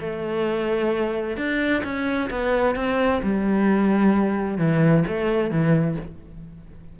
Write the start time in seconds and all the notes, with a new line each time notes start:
0.00 A3
1.37 D4
1.83 C#4
2.30 B3
2.75 C4
3.23 G3
4.58 E3
5.07 A3
5.50 E3